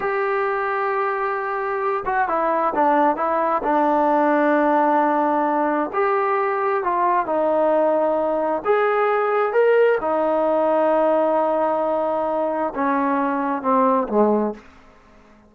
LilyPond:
\new Staff \with { instrumentName = "trombone" } { \time 4/4 \tempo 4 = 132 g'1~ | g'8 fis'8 e'4 d'4 e'4 | d'1~ | d'4 g'2 f'4 |
dis'2. gis'4~ | gis'4 ais'4 dis'2~ | dis'1 | cis'2 c'4 gis4 | }